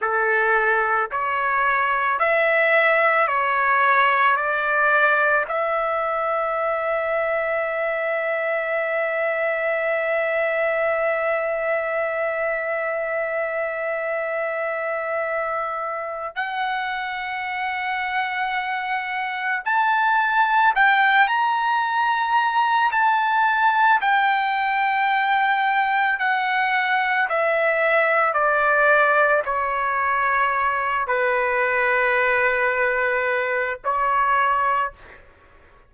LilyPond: \new Staff \with { instrumentName = "trumpet" } { \time 4/4 \tempo 4 = 55 a'4 cis''4 e''4 cis''4 | d''4 e''2.~ | e''1~ | e''2. fis''4~ |
fis''2 a''4 g''8 ais''8~ | ais''4 a''4 g''2 | fis''4 e''4 d''4 cis''4~ | cis''8 b'2~ b'8 cis''4 | }